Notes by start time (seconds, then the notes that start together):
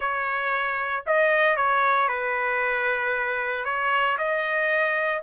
0.00 C#5
1.06 D#5
1.56 C#5
2.08 B4
3.65 C#5
4.18 D#5